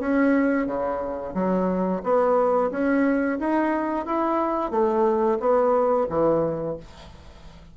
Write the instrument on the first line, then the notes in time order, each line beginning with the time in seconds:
bassoon
0.00 C#4
0.67 C#3
1.35 F#3
2.03 B3
2.72 C#4
3.40 D#4
4.06 E4
4.71 A3
5.40 B3
6.10 E3